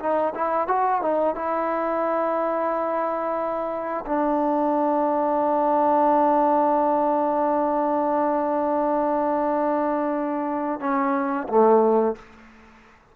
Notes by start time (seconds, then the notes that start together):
0.00 D#4
0.35 E4
0.68 F#4
1.02 D#4
1.35 E4
4.06 D4
10.80 C#4
11.48 A3